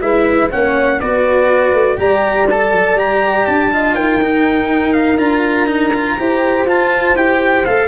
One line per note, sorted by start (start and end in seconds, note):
0.00 0.49 G#3
0.00 0.50 E4
0.00 0.50 B4
0.00 0.50 E5
0.50 1.01 A#3
0.50 1.00 C#4
0.50 0.99 C#5
0.50 1.00 F#5
1.00 1.72 B3
1.00 1.97 F#4
1.00 1.98 B4
1.00 1.98 D5
1.72 1.97 A3
1.97 2.71 G3
1.97 2.46 G4
1.97 3.72 D5
1.97 2.48 A#5
2.50 2.97 A4
2.50 2.99 A5
2.71 2.94 F#3
2.94 3.43 G3
2.94 3.71 G4
2.94 3.46 A#5
3.46 3.94 D4
3.46 3.95 A5
3.72 4.21 F4
3.72 3.95 D#5
3.94 5.17 D#4
3.94 6.16 A#4
3.94 4.93 G5
4.21 5.18 D#4
4.93 5.17 F5
5.17 6.15 D4
5.17 5.66 F4
5.17 6.65 A#5
5.66 5.91 D#4
5.93 6.17 F4
6.18 6.64 E4
6.18 6.67 G4
6.18 7.88 C5
6.64 7.13 F4
6.64 7.15 F4
6.64 7.16 A5
7.15 7.64 E4
7.15 7.64 G4
7.15 7.65 G5
7.65 7.88 A3
7.65 7.88 A4
7.65 7.88 F5